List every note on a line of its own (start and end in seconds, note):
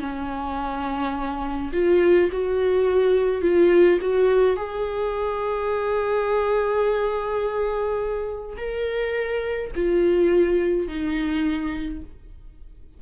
0.00 1.71 C#4
1.73 2.30 F4
2.32 3.42 F#4
3.42 3.99 F4
4.01 4.56 F#4
4.56 8.56 G#4
8.57 9.71 A#4
9.75 10.88 F4
10.88 12.02 D#4